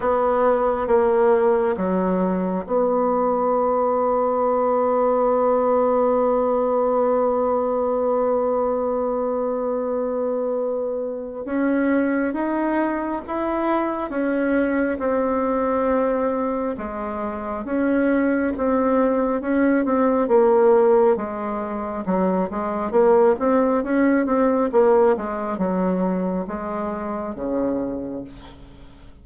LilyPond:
\new Staff \with { instrumentName = "bassoon" } { \time 4/4 \tempo 4 = 68 b4 ais4 fis4 b4~ | b1~ | b1~ | b4 cis'4 dis'4 e'4 |
cis'4 c'2 gis4 | cis'4 c'4 cis'8 c'8 ais4 | gis4 fis8 gis8 ais8 c'8 cis'8 c'8 | ais8 gis8 fis4 gis4 cis4 | }